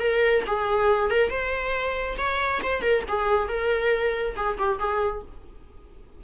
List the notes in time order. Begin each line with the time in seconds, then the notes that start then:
0.00 A#4
0.47 G#4
1.10 A#4
1.30 C5
2.18 C#5
2.63 C5
2.82 A#4
3.08 G#4
3.49 A#4
4.36 G#4
4.58 G4
4.79 G#4